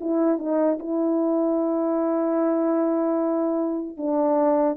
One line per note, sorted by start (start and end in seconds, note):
0.00 0.38 E4
0.38 0.78 D#4
0.79 3.97 E4
3.97 4.76 D4